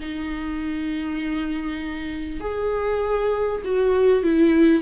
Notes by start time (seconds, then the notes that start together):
0.00 D#4
2.40 G#4
3.64 F#4
4.23 E4